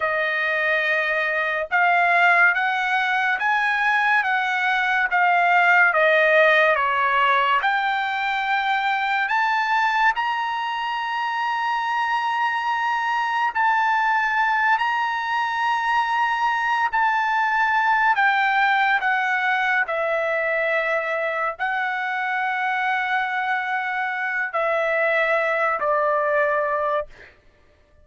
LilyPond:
\new Staff \with { instrumentName = "trumpet" } { \time 4/4 \tempo 4 = 71 dis''2 f''4 fis''4 | gis''4 fis''4 f''4 dis''4 | cis''4 g''2 a''4 | ais''1 |
a''4. ais''2~ ais''8 | a''4. g''4 fis''4 e''8~ | e''4. fis''2~ fis''8~ | fis''4 e''4. d''4. | }